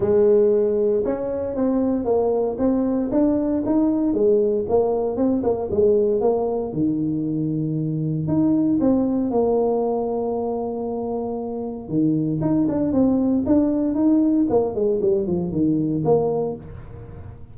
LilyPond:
\new Staff \with { instrumentName = "tuba" } { \time 4/4 \tempo 4 = 116 gis2 cis'4 c'4 | ais4 c'4 d'4 dis'4 | gis4 ais4 c'8 ais8 gis4 | ais4 dis2. |
dis'4 c'4 ais2~ | ais2. dis4 | dis'8 d'8 c'4 d'4 dis'4 | ais8 gis8 g8 f8 dis4 ais4 | }